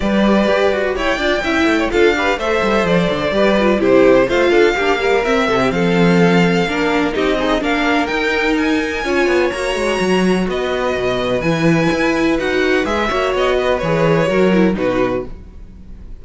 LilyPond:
<<
  \new Staff \with { instrumentName = "violin" } { \time 4/4 \tempo 4 = 126 d''2 g''2 | f''4 e''4 d''2 | c''4 f''2 e''4 | f''2. dis''4 |
f''4 g''4 gis''2 | ais''2 dis''2 | gis''2 fis''4 e''4 | dis''4 cis''2 b'4 | }
  \new Staff \with { instrumentName = "violin" } { \time 4/4 b'2 cis''8 d''8 e''8. cis''16 | a'8 b'8 c''2 b'4 | g'4 c''8 a'8 g'8 ais'4 a'16 g'16 | a'2 ais'4 g'8 dis'8 |
ais'2. cis''4~ | cis''2 b'2~ | b'2.~ b'8 cis''8~ | cis''8 b'4. ais'4 fis'4 | }
  \new Staff \with { instrumentName = "viola" } { \time 4/4 g'2~ g'8 f'8 e'4 | f'8 g'8 a'2 g'8 f'8 | e'4 f'4 d'8 g8 c'4~ | c'2 d'4 dis'8 gis'8 |
d'4 dis'2 f'4 | fis'1 | e'2 fis'4 gis'8 fis'8~ | fis'4 gis'4 fis'8 e'8 dis'4 | }
  \new Staff \with { instrumentName = "cello" } { \time 4/4 g4 g'8 fis'8 e'8 d'8 cis'8 a8 | d'4 a8 g8 f8 d8 g4 | c4 a8 d'8 ais4 c'8 c8 | f2 ais4 c'4 |
ais4 dis'2 cis'8 b8 | ais8 gis8 fis4 b4 b,4 | e4 e'4 dis'4 gis8 ais8 | b4 e4 fis4 b,4 | }
>>